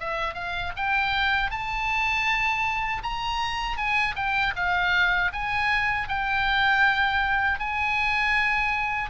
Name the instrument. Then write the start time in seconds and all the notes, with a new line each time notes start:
oboe
0.00 E5
0.34 F5
0.76 G5
1.51 A5
3.03 A#5
3.77 G#5
4.16 G5
4.56 F5
5.32 G#5
6.08 G5
7.59 G#5